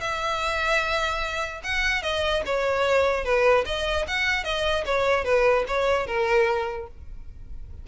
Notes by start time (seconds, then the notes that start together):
0.00 E5
1.63 F#5
2.02 D#5
2.45 C#5
3.24 B4
3.66 D#5
4.07 F#5
4.44 D#5
4.85 C#5
5.24 B4
5.68 C#5
6.07 A#4